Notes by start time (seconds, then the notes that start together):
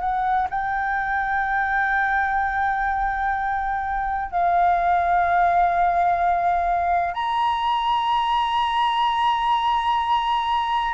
0.00 F#5
0.50 G5
4.31 F5
7.14 A#5